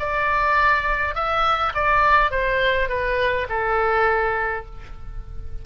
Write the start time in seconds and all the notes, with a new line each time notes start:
0.00 D5
1.15 E5
1.75 D5
2.31 C5
2.89 B4
3.50 A4